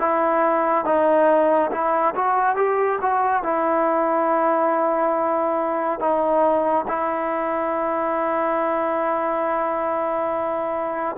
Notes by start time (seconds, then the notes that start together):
0.00 E4
0.86 D#4
1.72 E4
2.15 F#4
2.56 G4
3.02 F#4
3.44 E4
6.00 D#4
6.88 E4